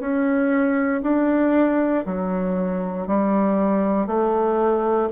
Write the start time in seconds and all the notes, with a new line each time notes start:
0.00 C#4
1.03 D4
2.05 F#3
3.07 G3
4.06 A3